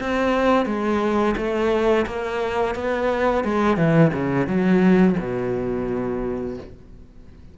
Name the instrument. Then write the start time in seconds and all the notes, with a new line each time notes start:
cello
0.00 C4
0.66 G#3
1.37 A3
2.06 A#3
2.75 B3
3.44 G#3
3.77 E3
4.13 C#3
4.47 F#3
5.19 B2